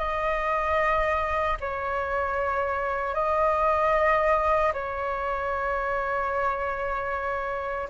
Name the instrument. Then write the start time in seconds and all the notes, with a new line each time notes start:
flute
0.00 D#5
1.61 C#5
3.15 D#5
4.74 C#5